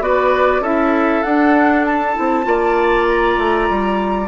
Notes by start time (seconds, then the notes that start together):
0.00 B3 F#4 B4 D5
0.60 C#4 E4 A4 E5
1.23 D4 F#5
1.85 A5
2.14 C4 E4
2.43 A#3 F4 D5
3.09 A#5
3.38 A3
3.70 G3